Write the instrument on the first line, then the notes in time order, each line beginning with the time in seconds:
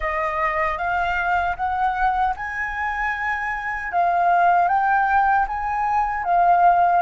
flute
0.00 D#5
0.78 F5
1.56 F#5
2.36 G#5
3.92 F5
4.68 G5
5.47 G#5
6.24 F5